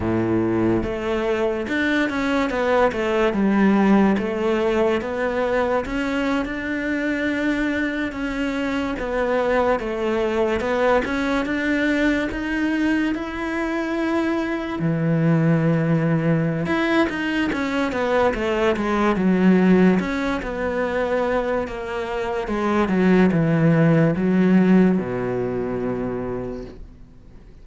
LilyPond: \new Staff \with { instrumentName = "cello" } { \time 4/4 \tempo 4 = 72 a,4 a4 d'8 cis'8 b8 a8 | g4 a4 b4 cis'8. d'16~ | d'4.~ d'16 cis'4 b4 a16~ | a8. b8 cis'8 d'4 dis'4 e'16~ |
e'4.~ e'16 e2~ e16 | e'8 dis'8 cis'8 b8 a8 gis8 fis4 | cis'8 b4. ais4 gis8 fis8 | e4 fis4 b,2 | }